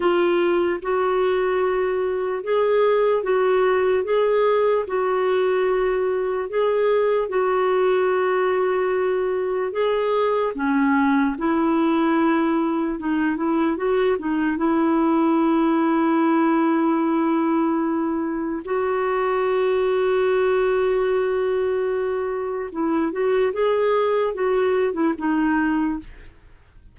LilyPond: \new Staff \with { instrumentName = "clarinet" } { \time 4/4 \tempo 4 = 74 f'4 fis'2 gis'4 | fis'4 gis'4 fis'2 | gis'4 fis'2. | gis'4 cis'4 e'2 |
dis'8 e'8 fis'8 dis'8 e'2~ | e'2. fis'4~ | fis'1 | e'8 fis'8 gis'4 fis'8. e'16 dis'4 | }